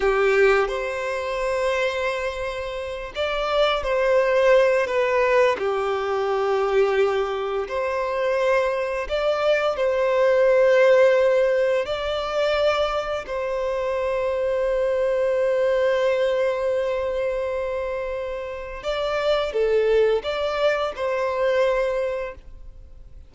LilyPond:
\new Staff \with { instrumentName = "violin" } { \time 4/4 \tempo 4 = 86 g'4 c''2.~ | c''8 d''4 c''4. b'4 | g'2. c''4~ | c''4 d''4 c''2~ |
c''4 d''2 c''4~ | c''1~ | c''2. d''4 | a'4 d''4 c''2 | }